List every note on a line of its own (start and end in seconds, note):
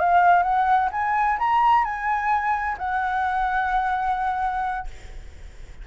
0.00 0.43 F5
0.43 0.90 F#5
0.92 1.38 G#5
1.39 1.85 A#5
1.85 2.78 G#5
2.78 4.88 F#5